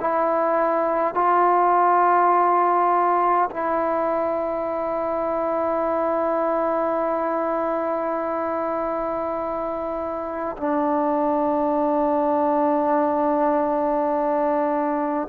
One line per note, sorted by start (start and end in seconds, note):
0.00 1.14 E4
1.14 3.49 F4
3.50 10.56 E4
10.57 15.28 D4